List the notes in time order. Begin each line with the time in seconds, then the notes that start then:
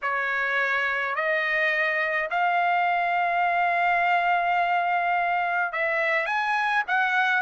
0.02 C#5
1.15 D#5
2.30 F5
5.72 E5
6.25 G#5
6.87 F#5